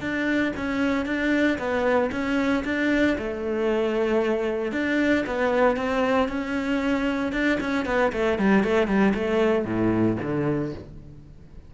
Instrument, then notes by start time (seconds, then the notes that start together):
cello
0.00 D4
0.56 C#4
1.06 D4
1.58 B3
2.11 C#4
2.64 D4
3.18 A3
4.72 D4
5.26 B3
5.76 C4
6.28 C#4
7.32 D4
7.60 C#4
7.85 B3
8.12 A3
8.38 G3
8.63 A3
8.87 G3
9.14 A3
9.65 A2
10.22 D3